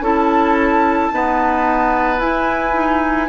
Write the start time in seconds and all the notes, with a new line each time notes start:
0.00 C#4 E4 A4 A5
1.12 B3 D#4 B4
2.19 E4 G#5
2.74 D#4